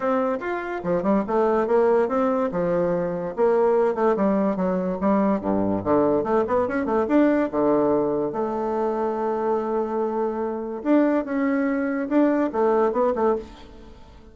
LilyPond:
\new Staff \with { instrumentName = "bassoon" } { \time 4/4 \tempo 4 = 144 c'4 f'4 f8 g8 a4 | ais4 c'4 f2 | ais4. a8 g4 fis4 | g4 g,4 d4 a8 b8 |
cis'8 a8 d'4 d2 | a1~ | a2 d'4 cis'4~ | cis'4 d'4 a4 b8 a8 | }